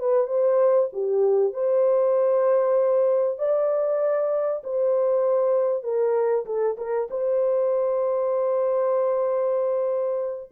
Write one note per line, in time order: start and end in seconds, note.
0.00 0.28 B4
0.28 0.90 C5
0.93 1.54 G4
1.54 3.39 C5
3.39 4.63 D5
4.64 5.84 C5
5.84 6.46 A#4
6.46 6.77 A4
6.78 7.09 A#4
7.11 10.51 C5